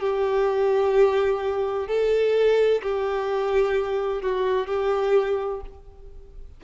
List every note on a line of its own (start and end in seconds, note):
0.00 1.87 G4
1.88 2.82 A4
2.83 4.22 G4
4.22 4.67 F#4
4.67 5.61 G4